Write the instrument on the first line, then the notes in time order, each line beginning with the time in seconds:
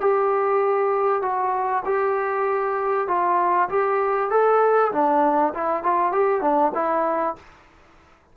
trombone
0.00 G4
1.21 F#4
1.85 G4
3.07 F4
3.69 G4
4.30 A4
4.92 D4
5.54 E4
5.83 F4
6.12 G4
6.41 D4
6.74 E4